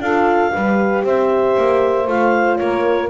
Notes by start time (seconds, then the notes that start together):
0.00 D4 F4 A4 F5
0.54 G3 G4 B4
1.05 C4 C5 E5
1.58 A#3
2.08 A3 F4 F5
2.57 A#3 A#4 C#5